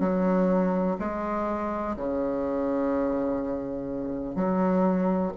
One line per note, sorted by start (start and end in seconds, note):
0.00 0.97 F#3
0.99 1.96 G#3
1.97 4.35 C#3
4.35 5.32 F#3